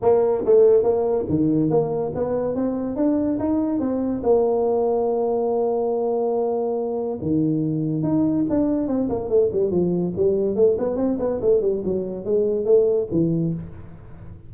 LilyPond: \new Staff \with { instrumentName = "tuba" } { \time 4/4 \tempo 4 = 142 ais4 a4 ais4 dis4 | ais4 b4 c'4 d'4 | dis'4 c'4 ais2~ | ais1~ |
ais4 dis2 dis'4 | d'4 c'8 ais8 a8 g8 f4 | g4 a8 b8 c'8 b8 a8 g8 | fis4 gis4 a4 e4 | }